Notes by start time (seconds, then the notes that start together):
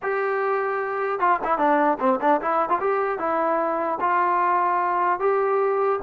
0.02 G4
1.19 F4
1.44 E4
1.57 D4
1.99 C4
2.21 D4
2.41 E4
2.69 F4
2.80 G4
3.18 E4
4.00 F4
5.19 G4